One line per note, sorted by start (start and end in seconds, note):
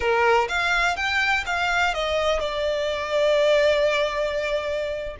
0.00 0.48 A#4
0.48 0.96 F5
0.96 1.44 G5
1.46 1.94 F5
1.94 2.40 D#5
2.40 5.16 D5